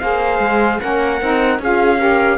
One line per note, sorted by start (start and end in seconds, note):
0.00 0.39 A#3
0.00 0.81 G#4
0.00 0.80 C5
0.00 0.80 F5
0.39 0.79 G#3
0.80 1.22 A#3
0.80 1.21 C#4
0.80 1.60 A#4
0.80 1.60 F#5
1.21 1.59 C4
1.21 1.61 D#4
1.59 2.38 C#4
1.59 1.98 F4
1.59 2.00 G#4
1.59 2.38 F5
1.98 2.38 G4
1.98 2.38 A#4